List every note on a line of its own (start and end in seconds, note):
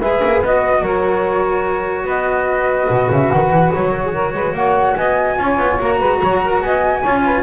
0.00 0.22 G#3
0.00 0.44 G#4
0.00 0.82 B4
0.00 0.43 E5
0.24 0.42 A#3
0.42 0.82 B3
0.42 5.39 F#4
0.42 0.83 D#5
0.82 2.05 F#3
0.82 2.05 A#4
0.82 2.07 C#5
2.05 2.88 B3
2.05 3.90 B4
2.05 3.12 D#5
2.89 3.10 B2
3.11 3.31 C#3
3.11 3.31 E5
3.31 3.50 D#3
3.31 3.72 F#5
3.50 3.71 E3
3.73 4.34 F#3
3.73 4.55 C#5
3.90 4.01 A#4
4.05 4.14 G#4
4.14 4.34 A#4
4.34 4.53 G#3
4.34 4.55 B4
4.53 4.95 A#3
4.53 4.97 C#5
4.53 4.96 F#5
4.96 5.39 B3
4.96 5.39 D#5
4.96 5.79 G#5
5.39 5.58 C#4
5.39 5.79 F4
5.39 5.99 C#5
5.58 5.79 B3
5.79 6.01 A#3
5.79 7.04 F#4
5.79 6.63 A#5
5.99 6.22 G#3
5.99 6.19 B4
6.22 6.62 F#3
6.22 6.42 C#5
6.44 6.64 A#4
6.62 7.03 B3
6.62 7.02 D#5
6.62 7.43 G#5
7.02 7.43 C#4
7.02 7.43 F4
7.02 7.23 C#5
7.25 7.43 B4